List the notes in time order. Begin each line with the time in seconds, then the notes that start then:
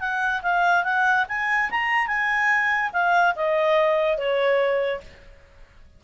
0.00 F#5
0.42 F5
0.84 F#5
1.28 G#5
1.70 A#5
2.07 G#5
2.93 F5
3.35 D#5
4.18 C#5